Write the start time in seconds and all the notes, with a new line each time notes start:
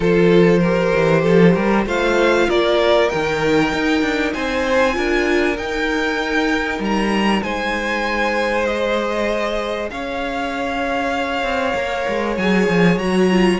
0.00 F3 F4 A4 C5
0.59 G4 A#4
0.95 E3
1.22 F3 A4
1.54 G3 A#4
1.85 A3 F4 C5 F5
2.48 A#3 A#4 D5
3.09 D#3 D#4 G5
3.72 D#4
4.01 D4
4.33 C4 C5 G#5
4.93 D4 F4 A#4
5.57 D#4 G5
6.79 G3 A#5
7.42 G#3 C5 G#5
8.65 G#4 D#5
9.90 C#4 C#5 F5
11.43 C4
11.74 A#3 A#4
12.08 G#3
12.37 F#3 G#4 G#5
12.68 F3
12.95 F#3 F#4 A#5
13.30 F4